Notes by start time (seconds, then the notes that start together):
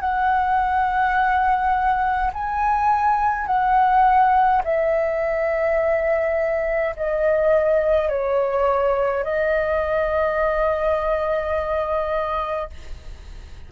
0.00 F#5
2.33 G#5
3.46 F#5
4.64 E5
6.96 D#5
8.09 C#5
9.23 D#5